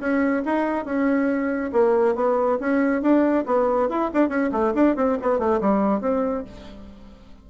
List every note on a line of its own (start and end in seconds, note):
0.00 0.43 C#4
0.46 0.85 D#4
0.85 1.72 C#4
1.73 2.16 A#3
2.16 2.59 B3
2.60 3.02 C#4
3.02 3.45 D4
3.46 3.89 B3
3.90 4.11 E4
4.14 4.29 D4
4.29 4.51 C#4
4.52 4.74 A3
4.75 4.96 D4
4.96 5.18 C4
5.22 5.39 B3
5.39 5.61 A3
5.61 6.01 G3
6.01 6.45 C4